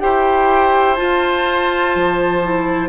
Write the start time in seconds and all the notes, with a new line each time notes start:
0.00 E4 G4 C5 G5
0.95 F4 A5
1.96 F3
2.43 E4